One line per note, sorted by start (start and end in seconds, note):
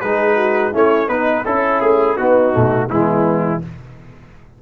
0.00 0.74 G#3
0.00 0.73 D#4
0.00 0.36 G#4
0.00 0.72 B4
0.36 0.72 F#4
0.72 1.08 A3
0.72 1.08 C#4
0.72 1.08 E4
0.72 1.08 C#5
1.08 1.44 B3
1.08 1.44 D#4
1.08 1.44 B4
1.45 1.81 C#4
1.45 2.17 C#4
1.45 2.17 E4
1.45 1.80 A4
1.80 2.17 A3
1.80 2.16 G#4
2.16 2.53 B3
2.16 2.89 D#4
2.16 2.88 F#4
2.53 2.89 B2
2.53 2.89 A3
2.89 3.61 E3
2.89 3.62 G#3
2.89 3.61 B3
2.89 3.62 E4